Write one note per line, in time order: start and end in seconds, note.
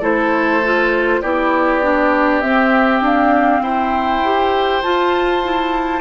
0.00 1.21 A3
0.00 0.62 E4
0.00 1.20 A4
0.00 1.22 C5
0.65 1.23 F4
1.22 2.43 B3
1.22 1.82 E4
1.22 3.62 G4
1.22 2.41 D5
1.82 2.42 D4
2.41 4.22 C4
2.41 3.01 C4
2.41 3.01 E5
3.01 3.61 D4
3.01 3.63 F5
3.62 4.82 E4
3.62 6.00 C5
3.62 4.83 G5
4.25 4.83 G4
4.83 5.43 F4
4.83 6.00 F4
4.83 6.00 A5
5.43 6.00 E4